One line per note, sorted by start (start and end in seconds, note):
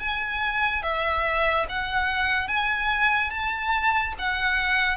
0.00 0.83 G#5
0.83 1.66 E5
1.69 2.48 F#5
2.48 3.30 G#5
3.30 4.13 A5
4.19 4.97 F#5